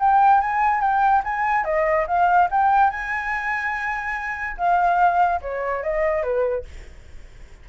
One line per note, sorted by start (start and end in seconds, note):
0.00 0.41 G5
0.41 0.81 G#5
0.81 1.23 G5
1.24 1.65 G#5
1.65 2.06 D#5
2.07 2.49 F5
2.51 2.91 G5
2.91 4.57 G#5
4.58 5.41 F5
5.42 5.83 C#5
5.83 6.23 D#5
6.23 6.65 B4